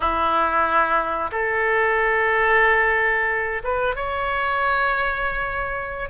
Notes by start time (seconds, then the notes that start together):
0.00 E4
1.31 A4
3.63 B4
3.95 C#5